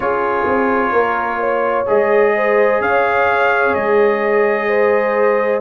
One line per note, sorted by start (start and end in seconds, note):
0.00 0.44 C#4
0.00 1.86 F4
0.00 0.92 G#4
0.00 1.85 C#5
0.45 0.92 C4
0.92 1.86 A#3
0.92 1.38 A#4
1.39 2.33 C#5
1.86 2.80 G#3
1.86 5.61 G#4
1.86 2.81 D#5
2.35 2.82 C5
2.80 3.74 C#4
2.80 4.68 C#5
2.80 3.74 F5
3.74 5.61 G#3
3.74 5.61 D#5
4.68 5.61 C5